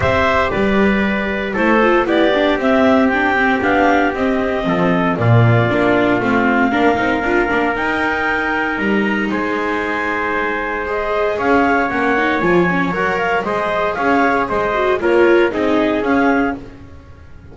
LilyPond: <<
  \new Staff \with { instrumentName = "clarinet" } { \time 4/4 \tempo 4 = 116 e''4 d''2 c''4 | d''4 e''4 g''4 f''4 | dis''2 d''2 | f''2. g''4~ |
g''4 ais''4 gis''2~ | gis''4 dis''4 f''4 fis''4 | gis''4 fis''8 f''8 dis''4 f''4 | dis''4 cis''4 dis''4 f''4 | }
  \new Staff \with { instrumentName = "trumpet" } { \time 4/4 c''4 b'2 a'4 | g'1~ | g'4 a'4 f'2~ | f'4 ais'2.~ |
ais'2 c''2~ | c''2 cis''2~ | cis''2 c''4 cis''4 | c''4 ais'4 gis'2 | }
  \new Staff \with { instrumentName = "viola" } { \time 4/4 g'2. e'8 f'8 | e'8 d'8 c'4 d'8 c'8 d'4 | c'2 ais4 d'4 | c'4 d'8 dis'8 f'8 d'8 dis'4~ |
dis'1~ | dis'4 gis'2 cis'8 dis'8 | f'8 cis'8 ais'4 gis'2~ | gis'8 fis'8 f'4 dis'4 cis'4 | }
  \new Staff \with { instrumentName = "double bass" } { \time 4/4 c'4 g2 a4 | b4 c'2 b4 | c'4 f4 ais,4 ais4 | a4 ais8 c'8 d'8 ais8 dis'4~ |
dis'4 g4 gis2~ | gis2 cis'4 ais4 | f4 fis4 gis4 cis'4 | gis4 ais4 c'4 cis'4 | }
>>